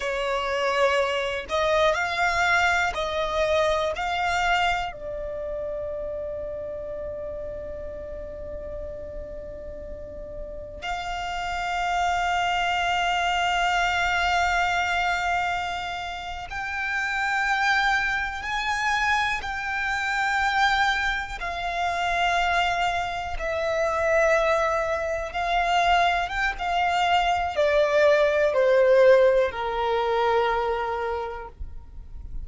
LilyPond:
\new Staff \with { instrumentName = "violin" } { \time 4/4 \tempo 4 = 61 cis''4. dis''8 f''4 dis''4 | f''4 d''2.~ | d''2. f''4~ | f''1~ |
f''8. g''2 gis''4 g''16~ | g''4.~ g''16 f''2 e''16~ | e''4.~ e''16 f''4 g''16 f''4 | d''4 c''4 ais'2 | }